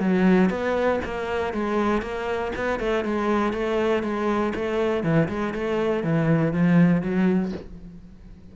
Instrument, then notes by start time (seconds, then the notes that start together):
cello
0.00 F#3
0.50 B3
1.05 A#3
1.54 G#3
2.02 A#3
2.56 B3
2.80 A3
3.05 G#3
3.53 A3
4.03 G#3
4.55 A3
5.04 E3
5.29 G#3
5.54 A3
6.04 E3
6.53 F3
7.02 F#3